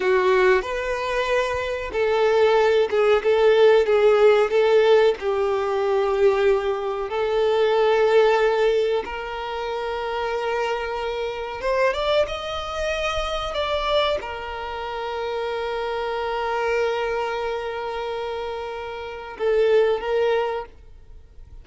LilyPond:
\new Staff \with { instrumentName = "violin" } { \time 4/4 \tempo 4 = 93 fis'4 b'2 a'4~ | a'8 gis'8 a'4 gis'4 a'4 | g'2. a'4~ | a'2 ais'2~ |
ais'2 c''8 d''8 dis''4~ | dis''4 d''4 ais'2~ | ais'1~ | ais'2 a'4 ais'4 | }